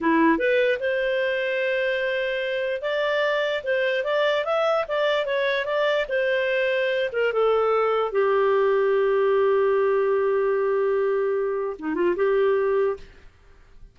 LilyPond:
\new Staff \with { instrumentName = "clarinet" } { \time 4/4 \tempo 4 = 148 e'4 b'4 c''2~ | c''2. d''4~ | d''4 c''4 d''4 e''4 | d''4 cis''4 d''4 c''4~ |
c''4. ais'8 a'2 | g'1~ | g'1~ | g'4 dis'8 f'8 g'2 | }